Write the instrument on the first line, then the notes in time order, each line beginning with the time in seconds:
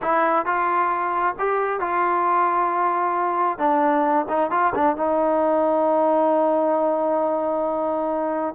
trombone
0.02 E4
0.45 F4
1.38 G4
1.80 F4
3.58 D4
4.29 D#4
4.50 F4
4.74 D4
4.96 D#4